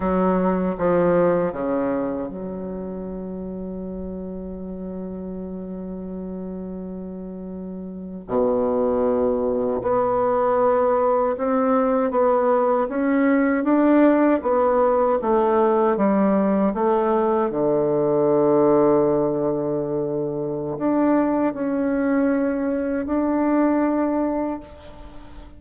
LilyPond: \new Staff \with { instrumentName = "bassoon" } { \time 4/4 \tempo 4 = 78 fis4 f4 cis4 fis4~ | fis1~ | fis2~ fis8. b,4~ b,16~ | b,8. b2 c'4 b16~ |
b8. cis'4 d'4 b4 a16~ | a8. g4 a4 d4~ d16~ | d2. d'4 | cis'2 d'2 | }